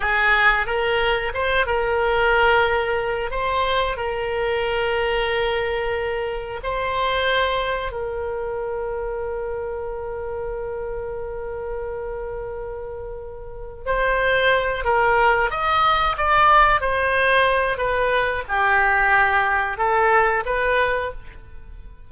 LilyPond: \new Staff \with { instrumentName = "oboe" } { \time 4/4 \tempo 4 = 91 gis'4 ais'4 c''8 ais'4.~ | ais'4 c''4 ais'2~ | ais'2 c''2 | ais'1~ |
ais'1~ | ais'4 c''4. ais'4 dis''8~ | dis''8 d''4 c''4. b'4 | g'2 a'4 b'4 | }